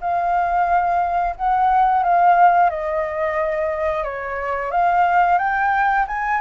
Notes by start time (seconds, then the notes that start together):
0.00 F5
1.36 F#5
2.03 F5
2.69 D#5
4.04 C#5
4.71 F5
5.38 G5
6.07 G#5